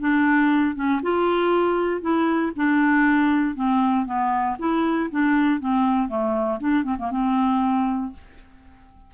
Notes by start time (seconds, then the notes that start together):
0.00 D4
0.75 C#4
1.02 F4
2.01 E4
2.56 D4
3.55 C4
4.06 B3
4.59 E4
5.11 D4
5.60 C4
6.09 A3
6.60 D4
6.84 C4
6.98 A#3
7.11 C4